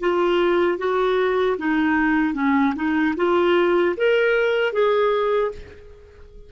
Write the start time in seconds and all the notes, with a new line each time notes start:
0.00 F4
0.78 F#4
1.58 D#4
2.34 C#4
2.75 D#4
3.17 F4
3.97 A#4
4.73 G#4